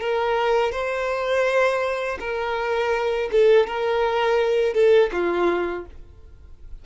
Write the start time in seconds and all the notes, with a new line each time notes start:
0.00 A#4
0.72 C5
2.20 A#4
3.32 A4
3.67 A#4
4.74 A4
5.12 F4